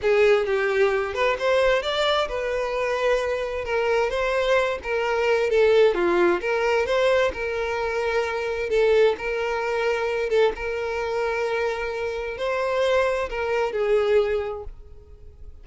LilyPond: \new Staff \with { instrumentName = "violin" } { \time 4/4 \tempo 4 = 131 gis'4 g'4. b'8 c''4 | d''4 b'2. | ais'4 c''4. ais'4. | a'4 f'4 ais'4 c''4 |
ais'2. a'4 | ais'2~ ais'8 a'8 ais'4~ | ais'2. c''4~ | c''4 ais'4 gis'2 | }